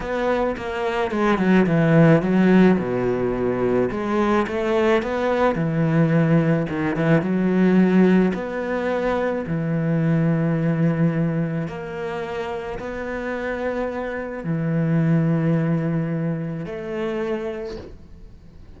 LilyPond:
\new Staff \with { instrumentName = "cello" } { \time 4/4 \tempo 4 = 108 b4 ais4 gis8 fis8 e4 | fis4 b,2 gis4 | a4 b4 e2 | dis8 e8 fis2 b4~ |
b4 e2.~ | e4 ais2 b4~ | b2 e2~ | e2 a2 | }